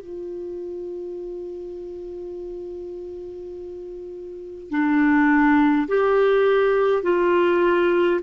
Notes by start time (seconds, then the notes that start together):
0.00 F4
4.70 D4
5.88 G4
7.03 F4